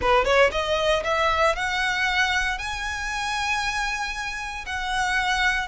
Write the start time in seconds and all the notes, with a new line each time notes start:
0.01 B4
0.24 C#5
0.51 D#5
1.03 E5
1.55 F#5
2.58 G#5
4.66 F#5